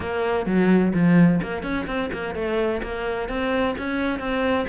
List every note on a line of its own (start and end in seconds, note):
0.00 0.46 A#3
0.46 0.93 F#3
0.93 1.40 F3
1.42 1.62 A#3
1.62 1.86 C#4
1.86 2.10 C4
2.12 2.34 A#3
2.34 2.81 A3
2.83 3.28 A#3
3.28 3.75 C4
3.78 4.19 C#4
4.19 4.66 C4